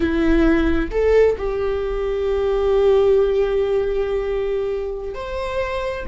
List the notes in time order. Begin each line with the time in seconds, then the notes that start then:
0.00 E4
0.90 A4
1.37 G4
5.14 C5